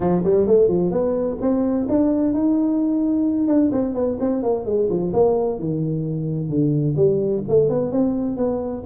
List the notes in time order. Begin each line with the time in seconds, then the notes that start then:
0.00 F3
0.23 G3
0.47 A3
0.67 F3
0.91 B3
1.40 C4
1.88 D4
2.33 D#4
3.47 D4
3.72 C4
3.94 B3
4.20 C4
4.42 A#3
4.65 G#3
4.89 F3
5.13 A#3
5.59 D#3
6.49 D3
6.96 G3
7.48 A3
7.69 B3
7.91 C4
8.37 B3